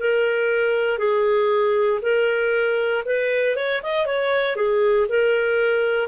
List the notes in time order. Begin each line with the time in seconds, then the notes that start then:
0.00 A#4
0.98 G#4
2.02 A#4
3.05 B4
3.56 C#5
3.83 D#5
4.06 C#5
4.56 G#4
5.08 A#4